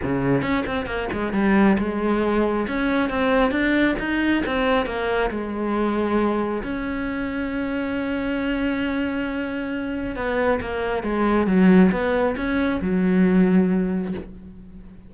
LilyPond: \new Staff \with { instrumentName = "cello" } { \time 4/4 \tempo 4 = 136 cis4 cis'8 c'8 ais8 gis8 g4 | gis2 cis'4 c'4 | d'4 dis'4 c'4 ais4 | gis2. cis'4~ |
cis'1~ | cis'2. b4 | ais4 gis4 fis4 b4 | cis'4 fis2. | }